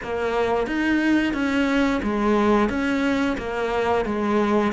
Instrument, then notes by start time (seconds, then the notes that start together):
cello
0.03 A#3
0.66 D#4
1.33 C#4
2.02 G#3
2.69 C#4
3.37 A#3
4.05 G#3